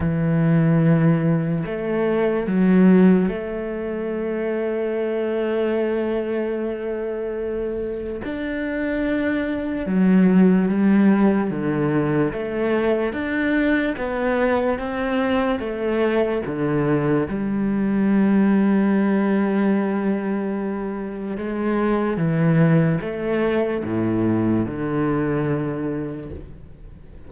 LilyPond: \new Staff \with { instrumentName = "cello" } { \time 4/4 \tempo 4 = 73 e2 a4 fis4 | a1~ | a2 d'2 | fis4 g4 d4 a4 |
d'4 b4 c'4 a4 | d4 g2.~ | g2 gis4 e4 | a4 a,4 d2 | }